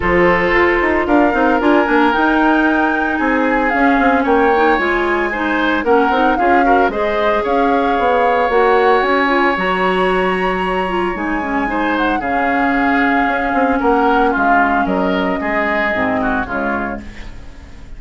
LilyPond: <<
  \new Staff \with { instrumentName = "flute" } { \time 4/4 \tempo 4 = 113 c''2 f''4 gis''4 | g''2 gis''4 f''4 | g''4 gis''2 fis''4 | f''4 dis''4 f''2 |
fis''4 gis''4 ais''2~ | ais''4 gis''4. fis''8 f''4~ | f''2 fis''4 f''4 | dis''2. cis''4 | }
  \new Staff \with { instrumentName = "oboe" } { \time 4/4 a'2 ais'2~ | ais'2 gis'2 | cis''2 c''4 ais'4 | gis'8 ais'8 c''4 cis''2~ |
cis''1~ | cis''2 c''4 gis'4~ | gis'2 ais'4 f'4 | ais'4 gis'4. fis'8 f'4 | }
  \new Staff \with { instrumentName = "clarinet" } { \time 4/4 f'2~ f'8 dis'8 f'8 d'8 | dis'2. cis'4~ | cis'8 dis'8 f'4 dis'4 cis'8 dis'8 | f'8 fis'8 gis'2. |
fis'4. f'8 fis'2~ | fis'8 f'8 dis'8 cis'8 dis'4 cis'4~ | cis'1~ | cis'2 c'4 gis4 | }
  \new Staff \with { instrumentName = "bassoon" } { \time 4/4 f4 f'8 dis'8 d'8 c'8 d'8 ais8 | dis'2 c'4 cis'8 c'8 | ais4 gis2 ais8 c'8 | cis'4 gis4 cis'4 b4 |
ais4 cis'4 fis2~ | fis4 gis2 cis4~ | cis4 cis'8 c'8 ais4 gis4 | fis4 gis4 gis,4 cis4 | }
>>